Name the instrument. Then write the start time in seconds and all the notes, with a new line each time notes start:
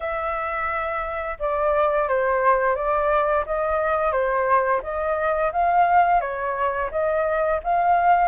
flute
0.00 E5
1.39 D5
2.08 C5
2.75 D5
3.45 D#5
4.12 C5
4.82 D#5
5.52 F5
6.21 C#5
6.91 D#5
7.63 F5